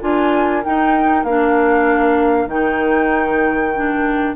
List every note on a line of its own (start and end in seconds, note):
0.00 0.64 D4
0.00 0.62 F4
0.00 4.36 A#4
0.00 0.64 G#5
0.64 1.27 D#4
0.64 1.24 D#4
0.64 1.24 G5
1.24 2.46 A#3
1.24 2.49 D4
1.24 2.49 F5
2.46 4.34 D#3
2.46 3.74 D#4
2.46 4.36 G5
3.75 4.36 D4